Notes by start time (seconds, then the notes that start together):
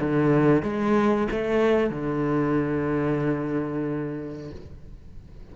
0.00 D3
0.62 G#3
1.31 A3
1.90 D3